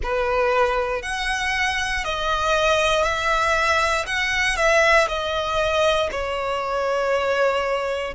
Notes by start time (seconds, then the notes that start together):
0.02 B4
1.02 F#5
2.04 D#5
3.03 E5
4.06 F#5
4.56 E5
5.08 D#5
6.11 C#5